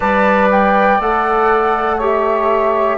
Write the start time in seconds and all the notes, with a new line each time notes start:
0.00 G3 B4 D5 A5
0.51 G5
0.99 A3 A4 F#5
1.96 G4 C#5
2.04 E5